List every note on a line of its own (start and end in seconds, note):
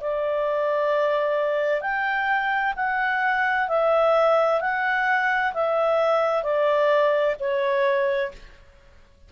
0.00 1.81 D5
1.81 2.74 G5
2.76 3.68 F#5
3.68 4.60 E5
4.61 5.53 F#5
5.53 6.43 E5
6.43 7.35 D5
7.39 8.32 C#5